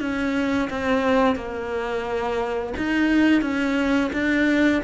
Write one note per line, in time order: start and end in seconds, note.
0.00 0.69 C#4
0.70 1.36 C4
1.36 2.74 A#3
2.77 3.42 D#4
3.42 4.11 C#4
4.13 4.82 D4